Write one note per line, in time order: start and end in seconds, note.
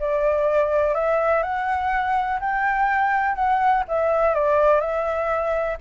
0.00 0.95 D5
0.95 1.43 E5
1.43 2.40 F#5
2.41 3.36 G5
3.36 3.84 F#5
3.89 4.35 E5
4.35 4.81 D5
4.81 5.78 E5